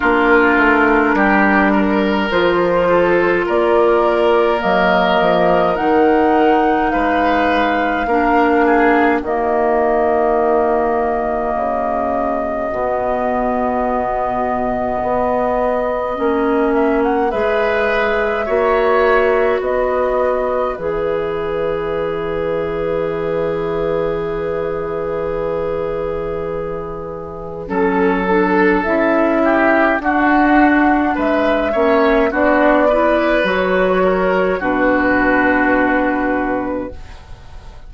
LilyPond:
<<
  \new Staff \with { instrumentName = "flute" } { \time 4/4 \tempo 4 = 52 ais'2 c''4 d''4 | dis''4 fis''4 f''2 | dis''1~ | dis''2~ dis''8 e''16 fis''16 e''4~ |
e''4 dis''4 e''2~ | e''1 | a'4 e''4 fis''4 e''4 | d''4 cis''4 b'2 | }
  \new Staff \with { instrumentName = "oboe" } { \time 4/4 f'4 g'8 ais'4 a'8 ais'4~ | ais'2 b'4 ais'8 gis'8 | fis'1~ | fis'2. b'4 |
cis''4 b'2.~ | b'1 | a'4. g'8 fis'4 b'8 cis''8 | fis'8 b'4 ais'8 fis'2 | }
  \new Staff \with { instrumentName = "clarinet" } { \time 4/4 d'2 f'2 | ais4 dis'2 d'4 | ais2. b4~ | b2 cis'4 gis'4 |
fis'2 gis'2~ | gis'1 | cis'8 d'8 e'4 d'4. cis'8 | d'8 e'8 fis'4 d'2 | }
  \new Staff \with { instrumentName = "bassoon" } { \time 4/4 ais8 a8 g4 f4 ais4 | fis8 f8 dis4 gis4 ais4 | dis2 cis4 b,4~ | b,4 b4 ais4 gis4 |
ais4 b4 e2~ | e1 | fis4 cis'4 d'4 gis8 ais8 | b4 fis4 b,2 | }
>>